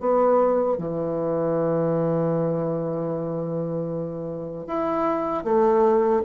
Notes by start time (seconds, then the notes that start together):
0.00 B3
0.78 E3
4.67 E4
5.44 A3